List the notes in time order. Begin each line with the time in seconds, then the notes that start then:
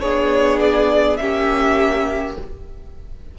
0.00 B3 D4 G#4 C#5
0.60 D5
1.16 A#3 C#4 G4 E5